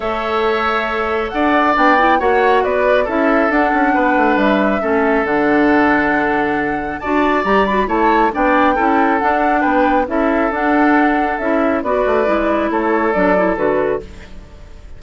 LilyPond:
<<
  \new Staff \with { instrumentName = "flute" } { \time 4/4 \tempo 4 = 137 e''2. fis''4 | g''4 fis''4 d''4 e''4 | fis''2 e''2 | fis''1 |
a''4 ais''8 b''8 a''4 g''4~ | g''4 fis''4 g''4 e''4 | fis''2 e''4 d''4~ | d''4 cis''4 d''4 b'4 | }
  \new Staff \with { instrumentName = "oboe" } { \time 4/4 cis''2. d''4~ | d''4 cis''4 b'4 a'4~ | a'4 b'2 a'4~ | a'1 |
d''2 cis''4 d''4 | a'2 b'4 a'4~ | a'2. b'4~ | b'4 a'2. | }
  \new Staff \with { instrumentName = "clarinet" } { \time 4/4 a'1 | d'8 e'8 fis'2 e'4 | d'2. cis'4 | d'1 |
fis'4 g'8 fis'8 e'4 d'4 | e'4 d'2 e'4 | d'2 e'4 fis'4 | e'2 d'8 e'8 fis'4 | }
  \new Staff \with { instrumentName = "bassoon" } { \time 4/4 a2. d'4 | b4 ais4 b4 cis'4 | d'8 cis'8 b8 a8 g4 a4 | d1 |
d'4 g4 a4 b4 | cis'4 d'4 b4 cis'4 | d'2 cis'4 b8 a8 | gis4 a4 fis4 d4 | }
>>